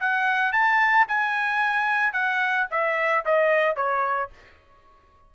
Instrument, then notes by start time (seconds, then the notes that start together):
trumpet
0.00 F#5
0.52 A5
1.08 G#5
2.13 F#5
2.71 E5
3.25 D#5
3.76 C#5